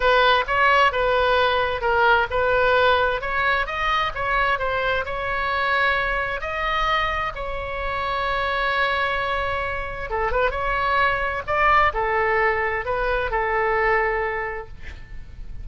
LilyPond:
\new Staff \with { instrumentName = "oboe" } { \time 4/4 \tempo 4 = 131 b'4 cis''4 b'2 | ais'4 b'2 cis''4 | dis''4 cis''4 c''4 cis''4~ | cis''2 dis''2 |
cis''1~ | cis''2 a'8 b'8 cis''4~ | cis''4 d''4 a'2 | b'4 a'2. | }